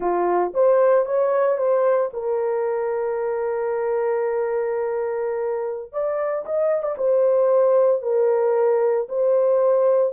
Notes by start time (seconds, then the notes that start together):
0.00 F4
0.54 C5
1.05 C#5
1.57 C5
2.13 A#4
5.92 D5
6.45 D#5
6.82 D5
6.97 C5
8.02 A#4
9.08 C5